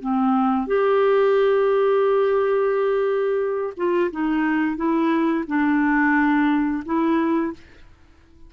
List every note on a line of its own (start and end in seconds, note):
0.00 0.67 C4
0.67 3.73 G4
3.77 4.11 F4
4.11 4.76 D#4
4.76 5.44 E4
5.47 6.83 D4
6.85 7.53 E4